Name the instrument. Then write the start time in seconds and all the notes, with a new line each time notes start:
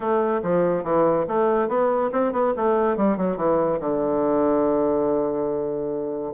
bassoon
0.00 A3
0.42 F3
0.83 E3
1.27 A3
1.68 B3
2.11 C4
2.32 B3
2.56 A3
2.96 G3
3.17 F#3
3.36 E3
3.80 D3